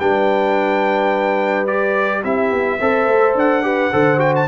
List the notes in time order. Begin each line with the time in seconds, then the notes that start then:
0.00 G3 D4 B4 G5
1.67 G4 D5
2.23 C4 E4 G4 E5
2.52 B3
2.81 C4 A4 C5
3.07 A3
3.35 D4 F#5
3.63 G4 B4
3.93 D3 A4 C5
4.18 F#4 G5
4.36 A5